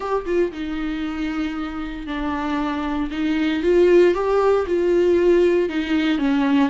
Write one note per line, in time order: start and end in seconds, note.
0.00 0.25 G4
0.25 0.51 F4
0.51 2.06 D#4
2.06 3.10 D4
3.11 3.62 D#4
3.62 4.14 F4
4.14 4.66 G4
4.67 5.69 F4
5.69 6.18 D#4
6.18 6.69 C#4